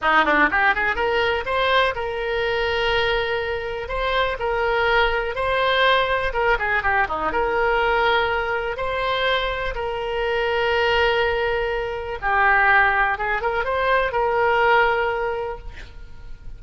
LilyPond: \new Staff \with { instrumentName = "oboe" } { \time 4/4 \tempo 4 = 123 dis'8 d'8 g'8 gis'8 ais'4 c''4 | ais'1 | c''4 ais'2 c''4~ | c''4 ais'8 gis'8 g'8 dis'8 ais'4~ |
ais'2 c''2 | ais'1~ | ais'4 g'2 gis'8 ais'8 | c''4 ais'2. | }